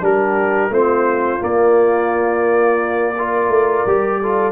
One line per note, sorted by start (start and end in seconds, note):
0.00 0.69 G3
0.00 0.70 D4
0.00 0.72 G4
0.00 0.73 A#4
0.69 1.39 A3
0.69 1.39 C4
0.69 3.16 F4
0.69 1.43 C5
1.39 3.14 A#3
1.39 3.49 A#3
1.39 4.52 D5
3.17 3.87 F4
3.17 4.21 A#4
3.49 3.83 A3
3.85 4.52 G3
3.85 4.22 G4
4.21 4.52 F4
4.21 4.52 A4